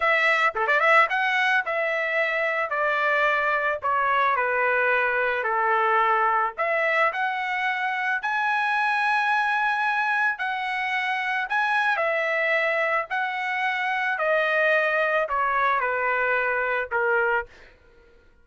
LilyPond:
\new Staff \with { instrumentName = "trumpet" } { \time 4/4 \tempo 4 = 110 e''4 a'16 d''16 e''8 fis''4 e''4~ | e''4 d''2 cis''4 | b'2 a'2 | e''4 fis''2 gis''4~ |
gis''2. fis''4~ | fis''4 gis''4 e''2 | fis''2 dis''2 | cis''4 b'2 ais'4 | }